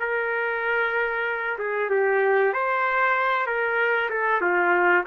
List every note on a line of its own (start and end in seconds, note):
0.00 1.58 A#4
1.59 1.90 G#4
1.91 2.54 G4
2.54 3.47 C5
3.47 4.10 A#4
4.10 4.42 A4
4.42 5.05 F4